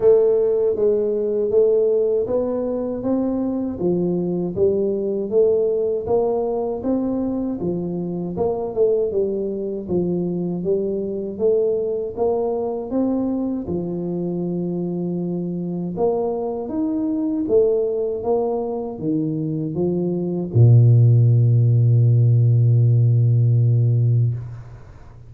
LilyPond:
\new Staff \with { instrumentName = "tuba" } { \time 4/4 \tempo 4 = 79 a4 gis4 a4 b4 | c'4 f4 g4 a4 | ais4 c'4 f4 ais8 a8 | g4 f4 g4 a4 |
ais4 c'4 f2~ | f4 ais4 dis'4 a4 | ais4 dis4 f4 ais,4~ | ais,1 | }